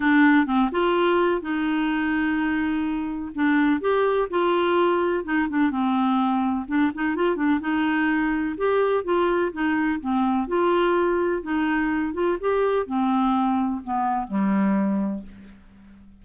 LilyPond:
\new Staff \with { instrumentName = "clarinet" } { \time 4/4 \tempo 4 = 126 d'4 c'8 f'4. dis'4~ | dis'2. d'4 | g'4 f'2 dis'8 d'8 | c'2 d'8 dis'8 f'8 d'8 |
dis'2 g'4 f'4 | dis'4 c'4 f'2 | dis'4. f'8 g'4 c'4~ | c'4 b4 g2 | }